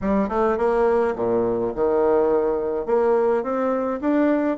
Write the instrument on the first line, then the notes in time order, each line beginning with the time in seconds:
bassoon
0.01 G3
0.29 A3
0.57 A#3
1.15 A#2
1.75 D#3
2.85 A#3
3.43 C4
4.00 D4